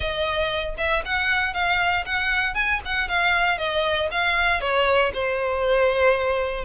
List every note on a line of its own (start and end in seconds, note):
0.00 0.75 D#5
0.77 1.03 E5
1.05 1.53 F#5
1.53 2.05 F5
2.05 2.54 F#5
2.54 2.80 G#5
2.85 3.08 F#5
3.08 3.58 F5
3.58 4.09 D#5
4.11 4.60 F5
4.60 5.11 C#5
5.13 6.64 C5